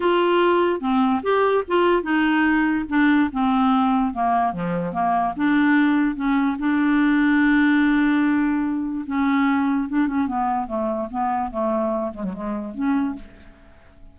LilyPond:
\new Staff \with { instrumentName = "clarinet" } { \time 4/4 \tempo 4 = 146 f'2 c'4 g'4 | f'4 dis'2 d'4 | c'2 ais4 f4 | ais4 d'2 cis'4 |
d'1~ | d'2 cis'2 | d'8 cis'8 b4 a4 b4 | a4. gis16 fis16 gis4 cis'4 | }